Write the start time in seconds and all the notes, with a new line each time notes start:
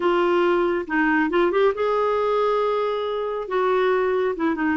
0.00 F4
0.87 D#4
1.30 F4
1.51 G4
1.74 G#4
3.48 F#4
4.36 E4
4.55 D#4